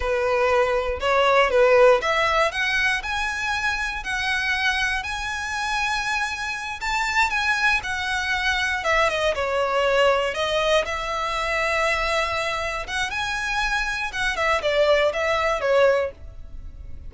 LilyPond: \new Staff \with { instrumentName = "violin" } { \time 4/4 \tempo 4 = 119 b'2 cis''4 b'4 | e''4 fis''4 gis''2 | fis''2 gis''2~ | gis''4. a''4 gis''4 fis''8~ |
fis''4. e''8 dis''8 cis''4.~ | cis''8 dis''4 e''2~ e''8~ | e''4. fis''8 gis''2 | fis''8 e''8 d''4 e''4 cis''4 | }